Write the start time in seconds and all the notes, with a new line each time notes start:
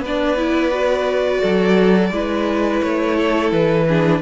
0.00 B3 B4 D5
0.07 D4
0.37 E4
0.71 F#4
1.41 F#3 A4
2.12 G#3 E4 B4
2.82 A3 C#5
3.16 A4
3.53 E3 B4
3.89 D4 G#4